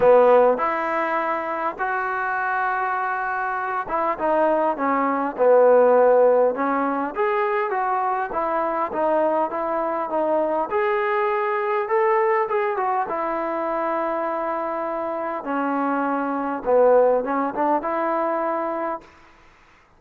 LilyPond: \new Staff \with { instrumentName = "trombone" } { \time 4/4 \tempo 4 = 101 b4 e'2 fis'4~ | fis'2~ fis'8 e'8 dis'4 | cis'4 b2 cis'4 | gis'4 fis'4 e'4 dis'4 |
e'4 dis'4 gis'2 | a'4 gis'8 fis'8 e'2~ | e'2 cis'2 | b4 cis'8 d'8 e'2 | }